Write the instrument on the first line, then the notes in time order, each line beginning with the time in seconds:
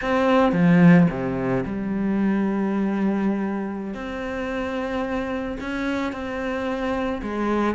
cello
0.01 C4
0.52 F3
1.09 C3
1.65 G3
3.93 C4
5.60 C#4
6.12 C4
7.22 G#3